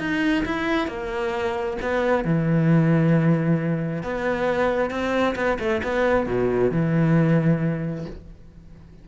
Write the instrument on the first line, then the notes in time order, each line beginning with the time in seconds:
cello
0.00 D#4
0.45 E4
0.88 A#3
1.82 B3
2.25 E3
4.03 B3
4.91 C4
5.36 B3
5.60 A3
5.84 B3
6.27 B2
6.71 E3